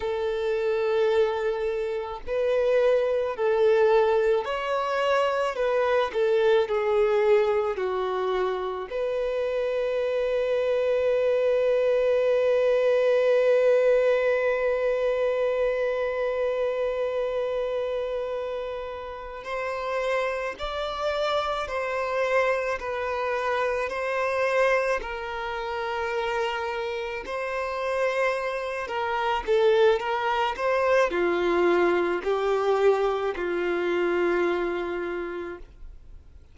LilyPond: \new Staff \with { instrumentName = "violin" } { \time 4/4 \tempo 4 = 54 a'2 b'4 a'4 | cis''4 b'8 a'8 gis'4 fis'4 | b'1~ | b'1~ |
b'4. c''4 d''4 c''8~ | c''8 b'4 c''4 ais'4.~ | ais'8 c''4. ais'8 a'8 ais'8 c''8 | f'4 g'4 f'2 | }